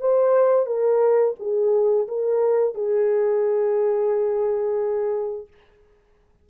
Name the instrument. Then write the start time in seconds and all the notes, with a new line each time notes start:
horn
0.00 C5
0.66 A#4
1.39 G#4
2.08 A#4
2.74 G#4